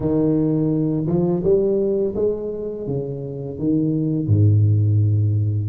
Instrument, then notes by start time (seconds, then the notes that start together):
tuba
0.00 D#3
1.06 F3
1.43 G3
2.15 G#3
2.87 C#3
3.58 D#3
4.27 G#2